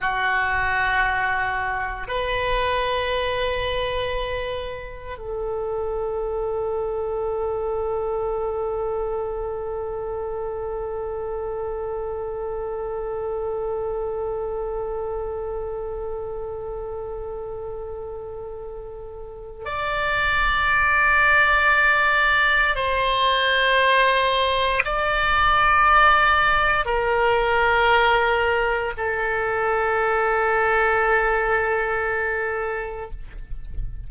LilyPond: \new Staff \with { instrumentName = "oboe" } { \time 4/4 \tempo 4 = 58 fis'2 b'2~ | b'4 a'2.~ | a'1~ | a'1~ |
a'2. d''4~ | d''2 c''2 | d''2 ais'2 | a'1 | }